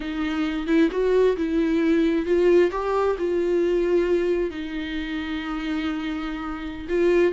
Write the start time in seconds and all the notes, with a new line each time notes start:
0.00 D#4
0.66 E4
0.91 F#4
1.36 E4
2.25 F4
2.71 G4
3.18 F4
4.50 D#4
6.89 F4